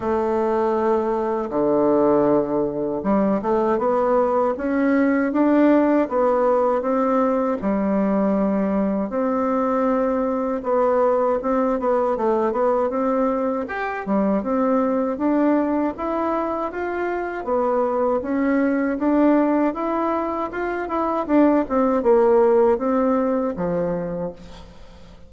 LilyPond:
\new Staff \with { instrumentName = "bassoon" } { \time 4/4 \tempo 4 = 79 a2 d2 | g8 a8 b4 cis'4 d'4 | b4 c'4 g2 | c'2 b4 c'8 b8 |
a8 b8 c'4 g'8 g8 c'4 | d'4 e'4 f'4 b4 | cis'4 d'4 e'4 f'8 e'8 | d'8 c'8 ais4 c'4 f4 | }